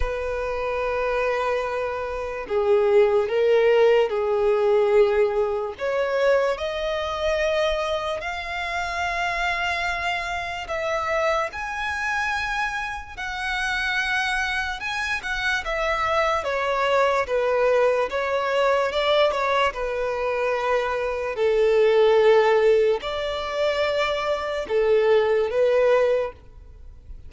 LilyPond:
\new Staff \with { instrumentName = "violin" } { \time 4/4 \tempo 4 = 73 b'2. gis'4 | ais'4 gis'2 cis''4 | dis''2 f''2~ | f''4 e''4 gis''2 |
fis''2 gis''8 fis''8 e''4 | cis''4 b'4 cis''4 d''8 cis''8 | b'2 a'2 | d''2 a'4 b'4 | }